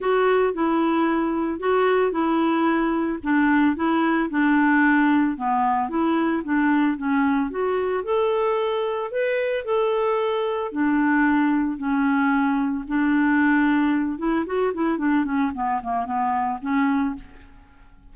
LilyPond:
\new Staff \with { instrumentName = "clarinet" } { \time 4/4 \tempo 4 = 112 fis'4 e'2 fis'4 | e'2 d'4 e'4 | d'2 b4 e'4 | d'4 cis'4 fis'4 a'4~ |
a'4 b'4 a'2 | d'2 cis'2 | d'2~ d'8 e'8 fis'8 e'8 | d'8 cis'8 b8 ais8 b4 cis'4 | }